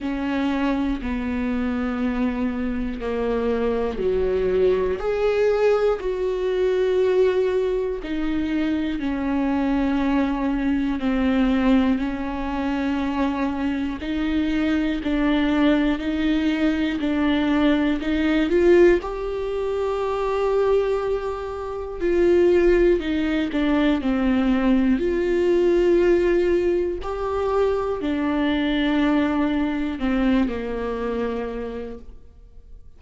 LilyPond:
\new Staff \with { instrumentName = "viola" } { \time 4/4 \tempo 4 = 60 cis'4 b2 ais4 | fis4 gis'4 fis'2 | dis'4 cis'2 c'4 | cis'2 dis'4 d'4 |
dis'4 d'4 dis'8 f'8 g'4~ | g'2 f'4 dis'8 d'8 | c'4 f'2 g'4 | d'2 c'8 ais4. | }